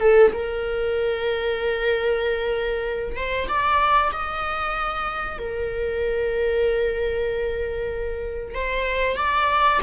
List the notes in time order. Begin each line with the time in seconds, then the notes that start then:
0.00 A4
0.33 A#4
3.16 C5
3.48 D5
4.12 D#5
5.39 A#4
8.55 C5
9.17 D5